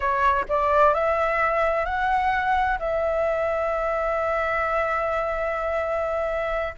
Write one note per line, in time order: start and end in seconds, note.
0.00 0.45 C#5
0.48 0.94 D5
0.94 1.85 E5
1.85 2.78 F#5
2.79 6.74 E5